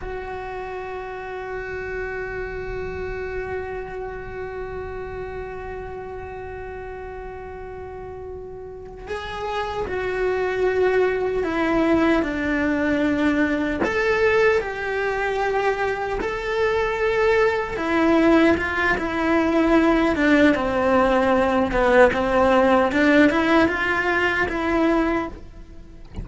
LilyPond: \new Staff \with { instrumentName = "cello" } { \time 4/4 \tempo 4 = 76 fis'1~ | fis'1~ | fis'2.~ fis'8 gis'8~ | gis'8 fis'2 e'4 d'8~ |
d'4. a'4 g'4.~ | g'8 a'2 e'4 f'8 | e'4. d'8 c'4. b8 | c'4 d'8 e'8 f'4 e'4 | }